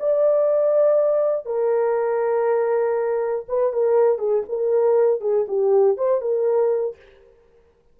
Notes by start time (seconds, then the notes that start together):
0.00 D5
1.46 A#4
3.49 B4
3.73 A#4
4.19 G#4
4.49 A#4
5.21 G#4
5.48 G4
5.98 C5
6.22 A#4